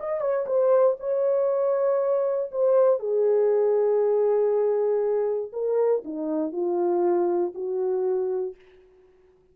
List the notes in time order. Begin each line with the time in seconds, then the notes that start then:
0.00 D#5
0.21 C#5
0.47 C5
1.00 C#5
2.52 C5
3.00 G#4
5.53 A#4
6.05 D#4
6.52 F4
7.55 F#4